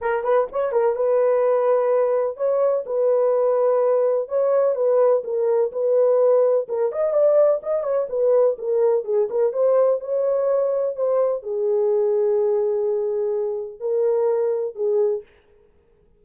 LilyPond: \new Staff \with { instrumentName = "horn" } { \time 4/4 \tempo 4 = 126 ais'8 b'8 cis''8 ais'8 b'2~ | b'4 cis''4 b'2~ | b'4 cis''4 b'4 ais'4 | b'2 ais'8 dis''8 d''4 |
dis''8 cis''8 b'4 ais'4 gis'8 ais'8 | c''4 cis''2 c''4 | gis'1~ | gis'4 ais'2 gis'4 | }